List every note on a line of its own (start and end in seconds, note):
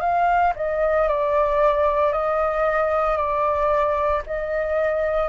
0.00 0.53 F5
0.56 1.08 D#5
1.08 2.12 D5
2.12 3.17 D#5
3.17 4.22 D5
4.26 5.29 D#5